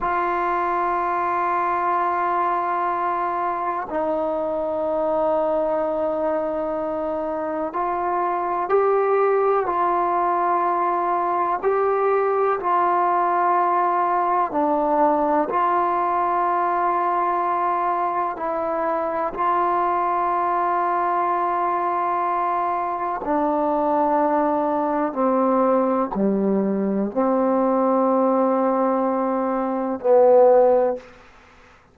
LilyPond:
\new Staff \with { instrumentName = "trombone" } { \time 4/4 \tempo 4 = 62 f'1 | dis'1 | f'4 g'4 f'2 | g'4 f'2 d'4 |
f'2. e'4 | f'1 | d'2 c'4 g4 | c'2. b4 | }